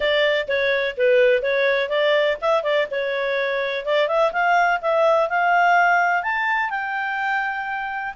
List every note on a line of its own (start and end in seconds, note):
0.00 0.47 D5
0.48 0.96 C#5
0.97 1.42 B4
1.42 1.89 C#5
1.89 2.37 D5
2.41 2.63 E5
2.63 2.87 D5
2.90 3.85 C#5
3.85 4.08 D5
4.08 4.32 E5
4.32 4.80 F5
4.81 5.29 E5
5.29 6.22 F5
6.22 6.70 A5
6.70 8.14 G5